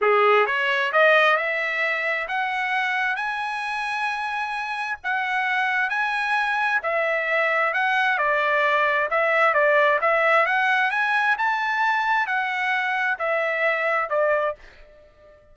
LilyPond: \new Staff \with { instrumentName = "trumpet" } { \time 4/4 \tempo 4 = 132 gis'4 cis''4 dis''4 e''4~ | e''4 fis''2 gis''4~ | gis''2. fis''4~ | fis''4 gis''2 e''4~ |
e''4 fis''4 d''2 | e''4 d''4 e''4 fis''4 | gis''4 a''2 fis''4~ | fis''4 e''2 d''4 | }